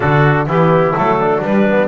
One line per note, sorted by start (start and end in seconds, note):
0.00 0.46 D3
0.00 0.47 D4
0.00 0.47 F#4
0.00 0.47 A4
0.46 0.94 E3
0.46 0.94 B3
0.46 1.19 E4
0.46 0.95 G4
0.94 1.41 F#3
0.94 1.41 A3
0.94 1.42 A4
1.21 1.87 D4
1.41 1.87 G3
1.41 1.66 G3
1.41 1.87 B4
1.69 1.87 B3